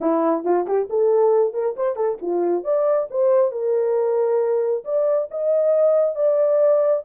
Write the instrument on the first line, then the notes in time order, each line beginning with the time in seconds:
horn
0.00 E4
0.44 F4
0.66 G4
0.89 A4
1.53 A#4
1.76 C5
1.96 A4
2.21 F4
2.64 D5
3.10 C5
3.51 A#4
4.84 D5
5.31 D#5
6.15 D5